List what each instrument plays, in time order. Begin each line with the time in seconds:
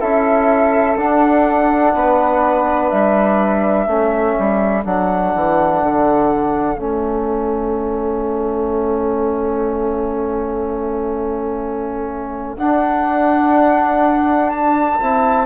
0.00 bassoon C#4, trombone E4, flute A4 E5
0.97 bassoon D4, trombone D4, flute F#5
1.94 bassoon B3, flute B4
2.90 bassoon G3, flute E5
3.86 bassoon A3, trombone C#4, flute A4
4.39 bassoon G3
4.83 bassoon F#3, trombone D4, flute F#5
5.35 bassoon E3
5.82 bassoon D3
6.76 bassoon A3, trombone C#4, flute E5
12.57 bassoon D4, trombone D4, flute F#5
14.50 flute A5
15.01 bassoon C4, trombone E4